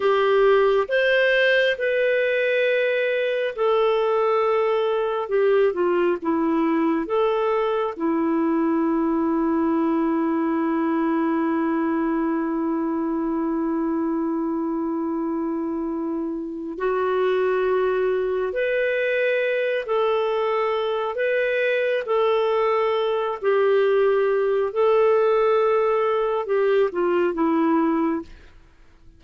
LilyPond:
\new Staff \with { instrumentName = "clarinet" } { \time 4/4 \tempo 4 = 68 g'4 c''4 b'2 | a'2 g'8 f'8 e'4 | a'4 e'2.~ | e'1~ |
e'2. fis'4~ | fis'4 b'4. a'4. | b'4 a'4. g'4. | a'2 g'8 f'8 e'4 | }